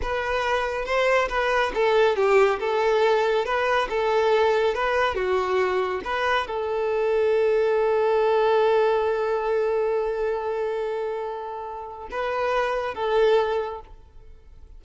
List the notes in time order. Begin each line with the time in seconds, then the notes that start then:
0.02 B4
0.85 C5
1.28 B4
1.74 A4
2.16 G4
2.59 A4
3.45 B4
3.89 A4
4.74 B4
5.14 F#4
6.04 B4
6.47 A4
12.10 B4
12.94 A4